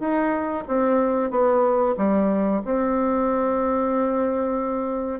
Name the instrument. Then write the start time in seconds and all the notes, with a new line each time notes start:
bassoon
0.00 D#4
0.68 C4
1.30 B3
1.97 G3
2.65 C4